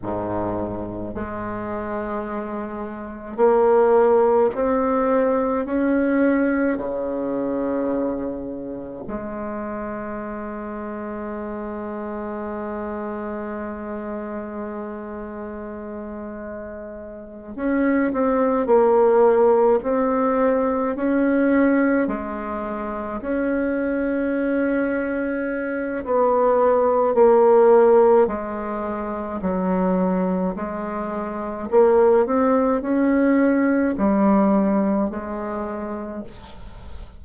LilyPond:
\new Staff \with { instrumentName = "bassoon" } { \time 4/4 \tempo 4 = 53 gis,4 gis2 ais4 | c'4 cis'4 cis2 | gis1~ | gis2.~ gis8 cis'8 |
c'8 ais4 c'4 cis'4 gis8~ | gis8 cis'2~ cis'8 b4 | ais4 gis4 fis4 gis4 | ais8 c'8 cis'4 g4 gis4 | }